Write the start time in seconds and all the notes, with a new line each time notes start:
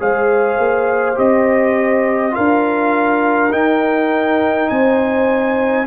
0.00 G#3 G#4 C5 F5
0.58 A#3
1.15 C4 G4 D#5
2.32 F4 A#4 F5
2.38 D4
3.51 D#4 G5
4.69 C4 C5 G#5